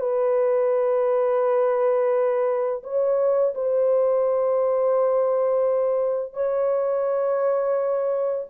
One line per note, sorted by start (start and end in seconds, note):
0.00 2.82 B4
2.83 3.54 C#5
3.55 6.33 C5
6.33 8.45 C#5